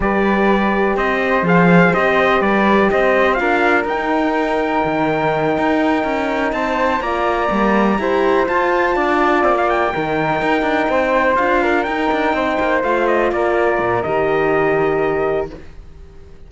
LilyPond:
<<
  \new Staff \with { instrumentName = "trumpet" } { \time 4/4 \tempo 4 = 124 d''2 dis''4 f''4 | dis''4 d''4 dis''4 f''4 | g''1~ | g''4. a''4 ais''4.~ |
ais''4. a''2 c'16 f''16 | g''2.~ g''8 f''8~ | f''8 g''2 f''8 dis''8 d''8~ | d''4 dis''2. | }
  \new Staff \with { instrumentName = "flute" } { \time 4/4 b'2 c''2~ | c''4 b'4 c''4 ais'4~ | ais'1~ | ais'4. c''4 d''4.~ |
d''8 c''2 d''4.~ | d''8 ais'2 c''4. | ais'4. c''2 ais'8~ | ais'1 | }
  \new Staff \with { instrumentName = "horn" } { \time 4/4 g'2. gis'4 | g'2. f'4 | dis'1~ | dis'2~ dis'8 f'4 ais8~ |
ais8 g'4 f'2~ f'8~ | f'8 dis'2. f'8~ | f'8 dis'2 f'4.~ | f'4 g'2. | }
  \new Staff \with { instrumentName = "cello" } { \time 4/4 g2 c'4 f4 | c'4 g4 c'4 d'4 | dis'2 dis4. dis'8~ | dis'8 cis'4 c'4 ais4 g8~ |
g8 e'4 f'4 d'4 ais8~ | ais8 dis4 dis'8 d'8 c'4 d'8~ | d'8 dis'8 d'8 c'8 ais8 a4 ais8~ | ais8 ais,8 dis2. | }
>>